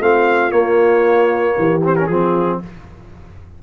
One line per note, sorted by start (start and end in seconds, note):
0.00 0.52 A3
0.00 0.52 C4
0.00 1.55 F4
0.00 0.51 F5
0.51 1.55 A#3
0.51 1.81 A#3
0.51 1.81 C#5
1.58 2.09 E3
1.58 2.10 G4
1.84 1.97 C4
1.84 1.96 C5
1.96 2.10 C#4
1.96 2.07 A#4
2.07 2.60 F3
2.07 2.63 C4
2.07 2.61 F4
2.07 2.59 G#4